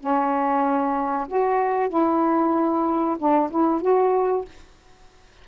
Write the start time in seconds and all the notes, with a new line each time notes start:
0.00 C#4
1.28 F#4
1.89 E4
3.18 D4
3.50 E4
3.81 F#4